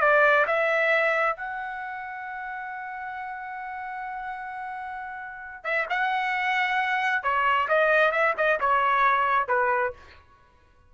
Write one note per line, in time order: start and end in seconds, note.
0.00 0.45 D5
0.46 1.36 E5
1.36 5.64 F#5
5.64 5.86 E5
5.89 7.23 F#5
7.23 7.68 C#5
7.68 8.11 D#5
8.11 8.34 E5
8.37 8.59 D#5
8.60 9.48 C#5
9.48 9.93 B4